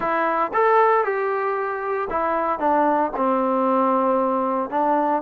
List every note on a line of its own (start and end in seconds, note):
0.00 0.51 E4
0.53 1.04 A4
1.04 2.08 G4
2.10 2.59 E4
2.59 3.11 D4
3.16 4.70 C4
4.70 5.22 D4